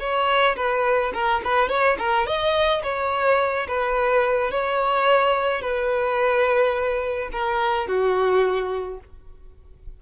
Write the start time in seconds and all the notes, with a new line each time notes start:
0.00 C#5
0.56 B4
1.14 A#4
1.45 B4
1.69 C#5
1.99 A#4
2.27 D#5
2.83 C#5
3.68 B4
4.51 C#5
5.62 B4
7.32 A#4
7.88 F#4